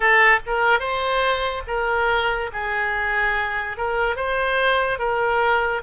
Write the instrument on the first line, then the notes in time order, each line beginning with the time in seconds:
oboe
0.00 A4
0.46 A#4
0.79 C5
1.67 A#4
2.52 G#4
3.77 A#4
4.16 C5
4.98 A#4